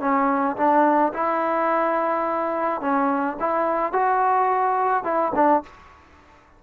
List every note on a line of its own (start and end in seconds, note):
0.00 0.56 C#4
0.57 1.13 D4
1.13 2.81 E4
2.81 3.37 C#4
3.40 3.93 E4
3.93 5.04 F#4
5.04 5.32 E4
5.35 5.63 D4